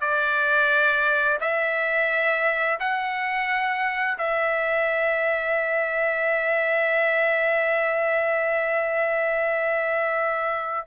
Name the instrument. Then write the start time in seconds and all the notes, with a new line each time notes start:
trumpet
0.00 D5
1.40 E5
2.79 F#5
4.18 E5